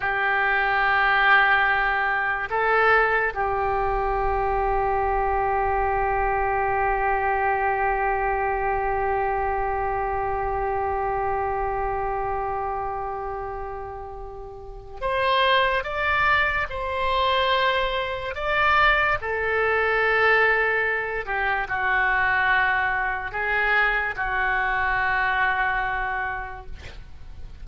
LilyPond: \new Staff \with { instrumentName = "oboe" } { \time 4/4 \tempo 4 = 72 g'2. a'4 | g'1~ | g'1~ | g'1~ |
g'2 c''4 d''4 | c''2 d''4 a'4~ | a'4. g'8 fis'2 | gis'4 fis'2. | }